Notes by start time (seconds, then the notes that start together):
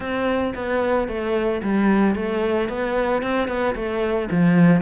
0.00 C4
0.54 B3
1.08 A3
1.62 G3
2.15 A3
2.68 B3
3.22 C4
3.48 B3
3.75 A3
4.30 F3